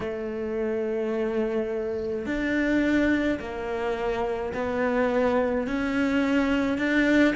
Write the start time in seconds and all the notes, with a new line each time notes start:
0.00 A3
2.25 D4
3.39 A#3
4.54 B3
5.67 C#4
6.78 D4